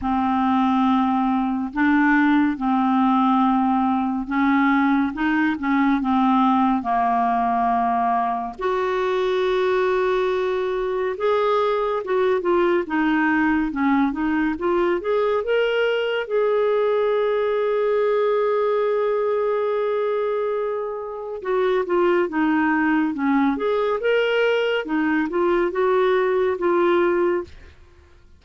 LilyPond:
\new Staff \with { instrumentName = "clarinet" } { \time 4/4 \tempo 4 = 70 c'2 d'4 c'4~ | c'4 cis'4 dis'8 cis'8 c'4 | ais2 fis'2~ | fis'4 gis'4 fis'8 f'8 dis'4 |
cis'8 dis'8 f'8 gis'8 ais'4 gis'4~ | gis'1~ | gis'4 fis'8 f'8 dis'4 cis'8 gis'8 | ais'4 dis'8 f'8 fis'4 f'4 | }